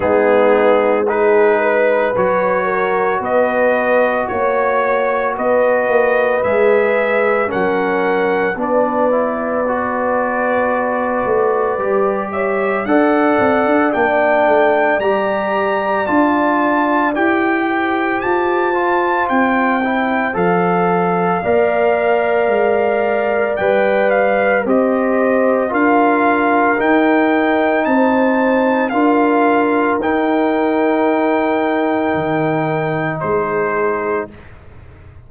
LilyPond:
<<
  \new Staff \with { instrumentName = "trumpet" } { \time 4/4 \tempo 4 = 56 gis'4 b'4 cis''4 dis''4 | cis''4 dis''4 e''4 fis''4 | d''2.~ d''8 e''8 | fis''4 g''4 ais''4 a''4 |
g''4 a''4 g''4 f''4~ | f''2 g''8 f''8 dis''4 | f''4 g''4 a''4 f''4 | g''2. c''4 | }
  \new Staff \with { instrumentName = "horn" } { \time 4/4 dis'4 gis'8 b'4 ais'8 b'4 | cis''4 b'2 ais'4 | b'2.~ b'8 cis''8 | d''1~ |
d''8 c''2.~ c''8 | d''2. c''4 | ais'2 c''4 ais'4~ | ais'2. gis'4 | }
  \new Staff \with { instrumentName = "trombone" } { \time 4/4 b4 dis'4 fis'2~ | fis'2 gis'4 cis'4 | d'8 e'8 fis'2 g'4 | a'4 d'4 g'4 f'4 |
g'4. f'4 e'8 a'4 | ais'2 b'4 g'4 | f'4 dis'2 f'4 | dis'1 | }
  \new Staff \with { instrumentName = "tuba" } { \time 4/4 gis2 fis4 b4 | ais4 b8 ais8 gis4 fis4 | b2~ b8 a8 g4 | d'8 c'16 d'16 ais8 a8 g4 d'4 |
e'4 f'4 c'4 f4 | ais4 gis4 g4 c'4 | d'4 dis'4 c'4 d'4 | dis'2 dis4 gis4 | }
>>